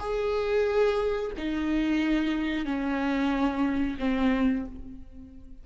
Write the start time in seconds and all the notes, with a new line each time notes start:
0.00 G#4
1.38 D#4
2.66 C#4
4.00 C4